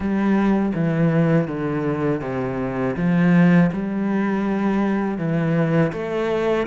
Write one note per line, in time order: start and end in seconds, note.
0.00 0.72 G3
0.74 1.47 E3
1.47 2.21 D3
2.21 2.95 C3
2.96 3.70 F3
3.72 5.18 G3
5.18 5.92 E3
5.92 6.66 A3